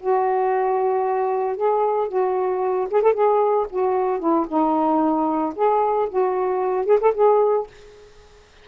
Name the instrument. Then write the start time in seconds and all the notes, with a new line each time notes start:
saxophone
0.00 F#4
1.57 G#4
2.09 F#4
2.91 G#4
3.02 A4
3.14 G#4
3.70 F#4
4.20 E4
4.48 D#4
5.56 G#4
6.10 F#4
6.86 G#4
7.01 A4
7.14 G#4